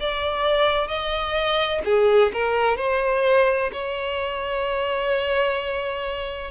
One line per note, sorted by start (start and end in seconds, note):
0.00 0.87 D5
0.87 1.81 D#5
1.85 2.32 G#4
2.33 2.77 A#4
2.77 3.71 C5
3.72 6.51 C#5